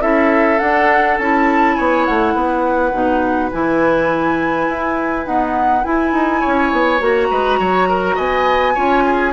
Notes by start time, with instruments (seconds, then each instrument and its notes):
0.00 bassoon C#4, clarinet E4, oboe A4, flute E5
0.59 bassoon D4, clarinet D4, flute F#5
1.18 bassoon C#4, clarinet E4, flute A5
1.75 bassoon B3, oboe C#5, flute G#5
2.05 bassoon A3, flute F#5
2.34 bassoon B3, oboe B4
2.92 bassoon B2, clarinet D#4
3.51 bassoon E3, clarinet E4, flute G#5
4.68 bassoon E4
5.26 clarinet B3, bassoon D#4, flute F#5
5.84 clarinet E4, bassoon E4, flute G#5
6.12 bassoon D#4
6.40 oboe C#5
6.46 bassoon C#4
6.72 bassoon B3
6.99 bassoon A#3, clarinet F#4, flute A#5
7.30 bassoon G#3, oboe B4
7.59 bassoon F#3, oboe C#5
7.88 oboe A#4
8.15 bassoon B3, oboe D#5, flute G#5
8.74 bassoon C#4, clarinet F4, oboe C#5
9.05 oboe G#4